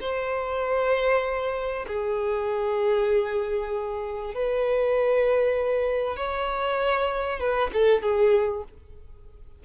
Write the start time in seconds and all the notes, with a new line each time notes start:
0.00 C5
1.87 G#4
4.34 B4
6.16 C#5
7.39 B4
7.73 A4
8.02 G#4